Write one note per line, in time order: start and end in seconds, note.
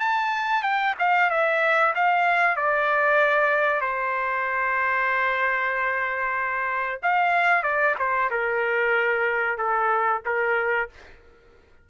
0.00 0.63 A5
0.63 0.95 G5
0.99 1.30 F5
1.30 1.94 E5
1.95 2.56 F5
2.56 3.81 D5
3.81 7.00 C5
7.03 7.63 F5
7.63 7.95 D5
7.98 8.30 C5
8.31 9.58 A#4
9.58 10.22 A4
10.26 10.89 A#4